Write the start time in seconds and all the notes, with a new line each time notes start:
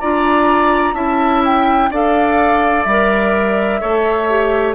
0.00 D4 F4 D5 A#5
0.94 C#4 E4 E5 A5
1.45 G5
1.91 D4 A4 D5 F5
2.83 G3 A#4 E5
3.81 A3 A4 C#5
4.29 G4